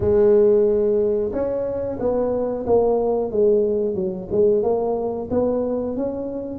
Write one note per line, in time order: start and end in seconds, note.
0.00 1.32 G#3
1.32 1.98 C#4
1.99 2.65 B3
2.66 3.31 A#3
3.31 3.94 G#3
3.94 4.27 F#3
4.31 4.62 G#3
4.62 5.28 A#3
5.30 5.96 B3
5.96 6.59 C#4